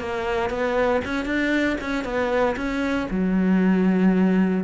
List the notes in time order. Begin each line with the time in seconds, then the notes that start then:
0.00 A#3
0.50 B3
1.05 C#4
1.26 D4
1.81 C#4
2.04 B3
2.56 C#4
3.11 F#3